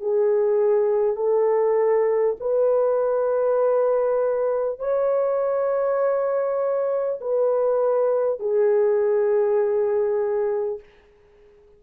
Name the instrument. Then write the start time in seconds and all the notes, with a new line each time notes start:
horn
0.00 G#4
1.16 A4
2.39 B4
4.79 C#5
7.21 B4
8.39 G#4